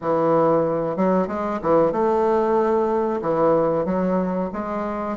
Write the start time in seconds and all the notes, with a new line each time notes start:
0.01 E3
0.96 F#3
1.27 G#3
1.62 E3
1.91 A3
3.21 E3
3.85 F#3
4.52 G#3